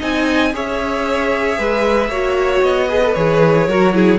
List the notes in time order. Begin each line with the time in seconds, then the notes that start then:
0.00 C4 D#4 D#5 G#5
0.53 C#4 G#4 C#5 E5
1.59 G#3 B4
2.09 A#3 F#4 C#5
2.62 B3 D#5
2.89 G#4 B4
3.04 A4
3.14 E3 G#4 C#5
3.68 F#3 F#4 A#4
3.94 E4 G#4